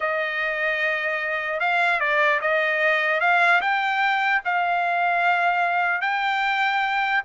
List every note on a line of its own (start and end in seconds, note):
0.00 1.59 D#5
1.59 1.99 F5
1.99 2.40 D5
2.41 3.20 D#5
3.20 3.60 F5
3.61 4.41 G5
4.44 6.01 F5
6.01 7.22 G5